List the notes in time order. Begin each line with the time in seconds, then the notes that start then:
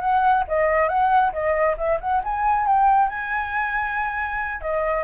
0.00 F#5
0.47 D#5
0.88 F#5
1.32 D#5
1.77 E5
2.00 F#5
2.24 G#5
2.66 G5
3.09 G#5
4.61 D#5